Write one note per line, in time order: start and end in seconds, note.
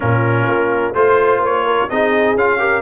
0.00 0.47 A#2
0.00 0.94 C#4
0.00 0.93 F4
0.00 0.94 A#4
0.47 0.94 A#3
0.93 1.39 A3
0.93 1.89 F4
0.93 1.64 C5
0.93 1.41 C5
1.39 1.86 A#3
1.39 1.89 C#5
1.65 1.89 A#4
1.89 2.35 C4
1.89 2.37 D#4
1.89 2.60 G#4
1.89 2.37 D#5
2.35 2.82 C#4
2.35 2.58 F4
2.35 2.82 F5
2.58 2.82 G4
2.58 2.82 A#4